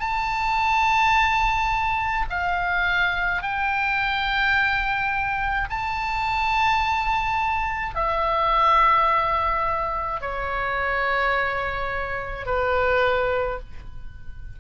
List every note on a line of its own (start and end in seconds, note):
0.00 2.26 A5
2.30 3.43 F5
3.43 5.69 G5
5.71 7.96 A5
7.96 10.21 E5
10.21 12.46 C#5
12.46 13.60 B4